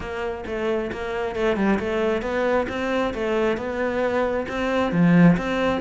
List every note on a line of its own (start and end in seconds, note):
0.00 0.44 A#3
0.46 0.91 A3
0.92 1.35 A#3
1.35 1.56 A3
1.56 1.78 G3
1.79 2.22 A3
2.22 2.66 B3
2.68 3.13 C4
3.14 3.57 A3
3.57 4.46 B3
4.48 4.92 C4
4.92 5.36 F3
5.37 5.81 C4